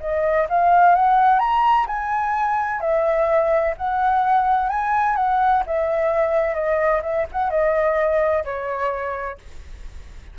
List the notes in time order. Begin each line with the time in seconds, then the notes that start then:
0.00 D#5
0.49 F5
0.95 F#5
1.39 A#5
1.87 G#5
2.80 E5
3.77 F#5
4.69 G#5
5.16 F#5
5.66 E5
6.55 D#5
7.02 E5
7.32 F#5
7.50 D#5
8.44 C#5